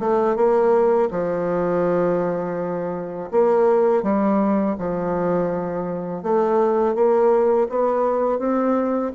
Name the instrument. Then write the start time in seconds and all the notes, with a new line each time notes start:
bassoon
0.00 A3
0.36 A#3
1.11 F3
3.32 A#3
4.03 G3
4.79 F3
6.23 A3
6.95 A#3
7.69 B3
8.39 C4